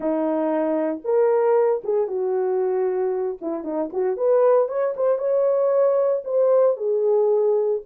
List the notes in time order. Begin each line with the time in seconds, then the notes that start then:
0.00 D#4
1.04 A#4
1.84 G#4
2.07 F#4
3.41 E4
3.64 D#4
3.92 F#4
4.16 B4
4.68 C#5
4.96 C5
5.18 C#5
6.24 C5
6.76 G#4